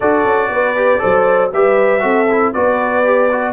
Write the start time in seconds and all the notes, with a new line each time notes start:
0.00 D4 F#4 A4 D5
0.24 C#4
0.49 B3 B4
0.76 G4
0.99 F#3 A4 C5
1.53 G3 G4 B4 E5
1.99 C4 F#4 A4
2.31 E4
2.52 B3 F#4 B4 D5
3.04 G4
3.31 F#4